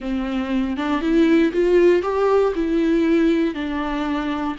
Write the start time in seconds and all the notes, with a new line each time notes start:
0.00 C4
0.76 D4
1.01 E4
1.52 F4
2.02 G4
2.55 E4
3.54 D4